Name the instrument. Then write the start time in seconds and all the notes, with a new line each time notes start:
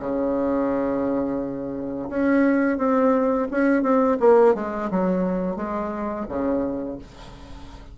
bassoon
0.00 C#3
2.10 C#4
2.78 C4
3.51 C#4
3.83 C4
4.20 A#3
4.55 G#3
4.91 F#3
5.57 G#3
6.29 C#3